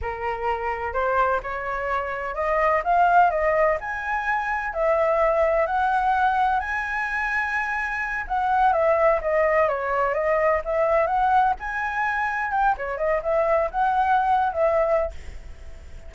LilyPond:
\new Staff \with { instrumentName = "flute" } { \time 4/4 \tempo 4 = 127 ais'2 c''4 cis''4~ | cis''4 dis''4 f''4 dis''4 | gis''2 e''2 | fis''2 gis''2~ |
gis''4. fis''4 e''4 dis''8~ | dis''8 cis''4 dis''4 e''4 fis''8~ | fis''8 gis''2 g''8 cis''8 dis''8 | e''4 fis''4.~ fis''16 e''4~ e''16 | }